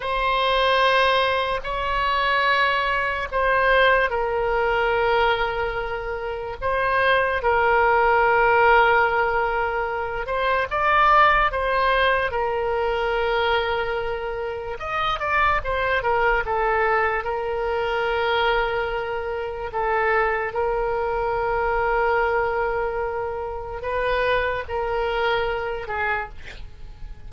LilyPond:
\new Staff \with { instrumentName = "oboe" } { \time 4/4 \tempo 4 = 73 c''2 cis''2 | c''4 ais'2. | c''4 ais'2.~ | ais'8 c''8 d''4 c''4 ais'4~ |
ais'2 dis''8 d''8 c''8 ais'8 | a'4 ais'2. | a'4 ais'2.~ | ais'4 b'4 ais'4. gis'8 | }